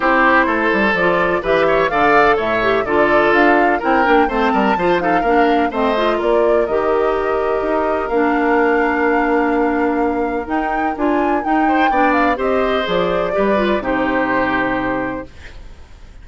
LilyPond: <<
  \new Staff \with { instrumentName = "flute" } { \time 4/4 \tempo 4 = 126 c''2 d''4 e''4 | f''4 e''4 d''4 f''4 | g''4 a''4. f''4. | dis''4 d''4 dis''2~ |
dis''4 f''2.~ | f''2 g''4 gis''4 | g''4. f''8 dis''4 d''4~ | d''4 c''2. | }
  \new Staff \with { instrumentName = "oboe" } { \time 4/4 g'4 a'2 b'8 cis''8 | d''4 cis''4 a'2 | ais'4 c''8 ais'8 c''8 a'8 ais'4 | c''4 ais'2.~ |
ais'1~ | ais'1~ | ais'8 c''8 d''4 c''2 | b'4 g'2. | }
  \new Staff \with { instrumentName = "clarinet" } { \time 4/4 e'2 f'4 g'4 | a'4. g'8 f'2 | e'8 d'8 c'4 f'8 dis'8 d'4 | c'8 f'4. g'2~ |
g'4 d'2.~ | d'2 dis'4 f'4 | dis'4 d'4 g'4 gis'4 | g'8 f'8 dis'2. | }
  \new Staff \with { instrumentName = "bassoon" } { \time 4/4 c'4 a8 g8 f4 e4 | d4 a,4 d4 d'4 | c'8 ais8 a8 g8 f4 ais4 | a4 ais4 dis2 |
dis'4 ais2.~ | ais2 dis'4 d'4 | dis'4 b4 c'4 f4 | g4 c2. | }
>>